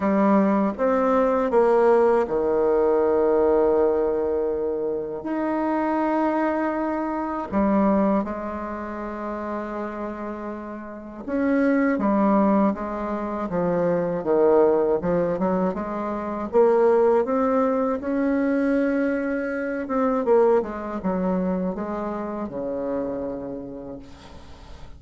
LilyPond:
\new Staff \with { instrumentName = "bassoon" } { \time 4/4 \tempo 4 = 80 g4 c'4 ais4 dis4~ | dis2. dis'4~ | dis'2 g4 gis4~ | gis2. cis'4 |
g4 gis4 f4 dis4 | f8 fis8 gis4 ais4 c'4 | cis'2~ cis'8 c'8 ais8 gis8 | fis4 gis4 cis2 | }